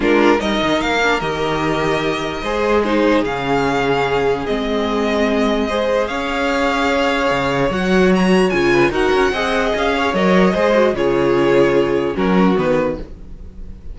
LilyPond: <<
  \new Staff \with { instrumentName = "violin" } { \time 4/4 \tempo 4 = 148 ais'4 dis''4 f''4 dis''4~ | dis''2. c''4 | f''2. dis''4~ | dis''2. f''4~ |
f''2. fis''4 | ais''4 gis''4 fis''2 | f''4 dis''2 cis''4~ | cis''2 ais'4 b'4 | }
  \new Staff \with { instrumentName = "violin" } { \time 4/4 f'4 ais'2.~ | ais'2 c''4 gis'4~ | gis'1~ | gis'2 c''4 cis''4~ |
cis''1~ | cis''4. b'8 ais'4 dis''4~ | dis''8 cis''4. c''4 gis'4~ | gis'2 fis'2 | }
  \new Staff \with { instrumentName = "viola" } { \time 4/4 d'4 dis'4. d'8 g'4~ | g'2 gis'4 dis'4 | cis'2. c'4~ | c'2 gis'2~ |
gis'2. fis'4~ | fis'4 f'4 fis'4 gis'4~ | gis'4 ais'4 gis'8 fis'8 f'4~ | f'2 cis'4 b4 | }
  \new Staff \with { instrumentName = "cello" } { \time 4/4 gis4 g8 dis8 ais4 dis4~ | dis2 gis2 | cis2. gis4~ | gis2. cis'4~ |
cis'2 cis4 fis4~ | fis4 cis4 dis'8 cis'8 c'4 | cis'4 fis4 gis4 cis4~ | cis2 fis4 dis4 | }
>>